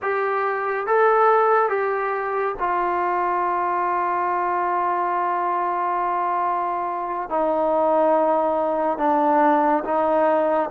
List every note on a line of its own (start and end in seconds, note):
0.02 0.86 G4
0.86 1.69 A4
1.69 2.55 G4
2.59 7.29 F4
7.29 8.98 D#4
8.98 9.83 D4
9.84 10.69 D#4